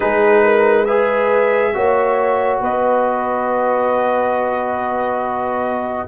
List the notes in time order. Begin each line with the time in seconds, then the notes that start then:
0.00 G#3 D#4 G#4 B4
0.44 A#4
0.84 G#4 B4 E5
1.74 A#3 F#4 C#5
2.60 B3 B4 D#5